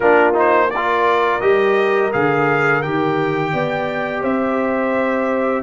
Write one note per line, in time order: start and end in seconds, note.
0.00 1.39 A#3
0.00 0.33 D4
0.00 0.67 F4
0.00 0.33 A#4
0.33 0.69 D#4
0.33 0.70 C5
0.70 1.41 F4
0.70 3.53 A#4
0.70 1.40 D5
1.40 2.11 G3
1.40 2.11 G4
1.40 2.11 D#5
2.12 2.84 D3
2.12 2.82 G#4
2.12 2.82 F5
2.82 3.53 D#3
2.82 5.63 G4
2.82 4.23 G5
3.53 4.23 B3
3.53 4.21 D5
4.21 5.63 C4
4.21 5.62 C5
4.21 5.63 E5